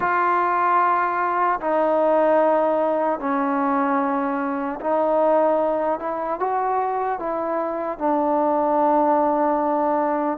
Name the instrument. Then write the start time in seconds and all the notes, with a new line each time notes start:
trombone
0.00 F4
1.60 D#4
3.19 C#4
4.80 D#4
5.99 E4
6.39 F#4
7.19 E4
7.98 D4